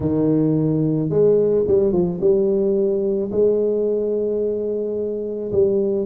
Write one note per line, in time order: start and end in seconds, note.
0.00 1.09 D#3
1.09 1.64 G#3
1.67 1.92 G3
1.92 2.19 F3
2.20 3.31 G3
3.31 5.51 G#3
5.51 6.05 G3